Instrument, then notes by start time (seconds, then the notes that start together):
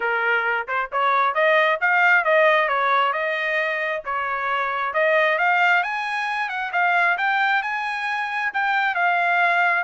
trumpet
0.00 A#4
0.67 C5
0.92 C#5
1.34 D#5
1.81 F5
2.24 D#5
2.68 C#5
3.12 D#5
4.05 C#5
4.93 D#5
5.38 F5
5.83 G#5
6.49 F#5
6.72 F5
7.17 G5
7.62 G#5
8.53 G5
8.95 F5